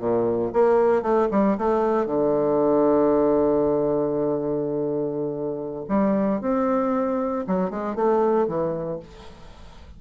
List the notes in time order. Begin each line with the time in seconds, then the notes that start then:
0.00 A#2
0.54 A#3
1.03 A3
1.32 G3
1.58 A3
2.07 D3
5.89 G3
6.42 C4
7.47 F#3
7.71 G#3
7.96 A3
8.48 E3